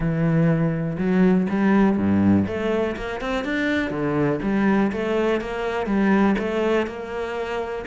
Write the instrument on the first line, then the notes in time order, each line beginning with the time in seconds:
cello
0.00 E3
0.98 F#3
1.49 G3
1.97 G2
2.47 A3
2.96 A#3
3.20 C4
3.44 D4
3.90 D3
4.42 G3
4.92 A3
5.41 A#3
5.86 G3
6.38 A3
6.86 A#3